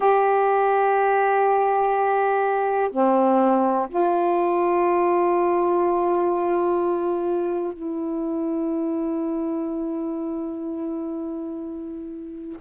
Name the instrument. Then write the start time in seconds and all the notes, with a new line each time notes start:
saxophone
0.00 G4
2.91 C4
3.89 F4
7.73 E4